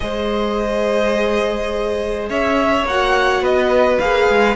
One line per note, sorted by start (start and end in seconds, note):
0.00 2.29 G#3
0.00 2.85 G#4
0.00 2.29 C5
0.00 2.28 D#5
2.29 2.84 C#4
2.29 3.42 C#5
2.29 2.87 E5
2.84 3.41 A#3
2.84 4.01 F#4
2.84 3.44 F#5
3.41 3.98 B3
3.41 4.56 B4
3.41 3.99 D#5
3.99 4.29 A#3
3.99 4.56 G#4
3.99 4.56 F5
4.29 4.56 G#3